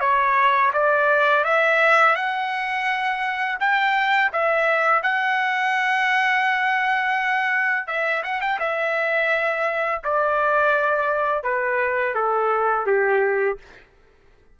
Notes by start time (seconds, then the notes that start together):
0.00 C#5
0.73 D5
1.44 E5
2.15 F#5
3.60 G5
4.32 E5
5.02 F#5
7.87 E5
8.23 F#5
8.41 G5
8.59 E5
10.04 D5
11.44 B4
12.15 A4
12.86 G4